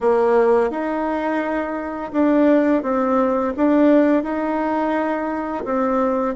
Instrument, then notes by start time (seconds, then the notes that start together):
bassoon
0.00 A#3
0.70 D#4
2.12 D4
2.82 C4
3.56 D4
4.23 D#4
5.64 C4